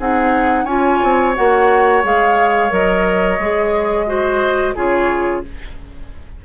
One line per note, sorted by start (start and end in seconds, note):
0.00 0.64 C4
0.00 0.68 D#4
0.00 0.65 G#4
0.00 0.65 F#5
0.64 0.99 C#4
0.64 1.35 F4
0.64 4.06 C#5
0.64 1.34 G#5
1.04 1.38 C4
1.35 2.04 A#3
1.35 2.03 F#4
1.35 2.04 F#5
2.04 2.72 G#3
2.04 2.70 G#4
2.04 2.73 F5
2.70 3.39 F#3
2.70 3.38 A#4
2.70 4.77 D#5
3.39 4.75 G#3
3.39 4.07 G#4
4.07 4.75 F#4
4.07 4.76 C5
4.76 5.44 C#3
4.76 5.44 F4
4.76 5.44 G#4
4.76 5.45 C#5